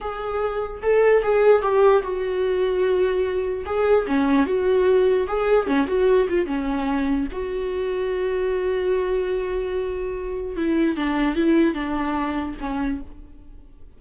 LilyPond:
\new Staff \with { instrumentName = "viola" } { \time 4/4 \tempo 4 = 148 gis'2 a'4 gis'4 | g'4 fis'2.~ | fis'4 gis'4 cis'4 fis'4~ | fis'4 gis'4 cis'8 fis'4 f'8 |
cis'2 fis'2~ | fis'1~ | fis'2 e'4 d'4 | e'4 d'2 cis'4 | }